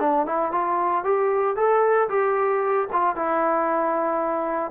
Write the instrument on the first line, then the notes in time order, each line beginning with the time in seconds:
trombone
0.00 D4
0.26 E4
0.52 F4
1.05 G4
1.56 A4
2.09 G4
2.93 F4
3.16 E4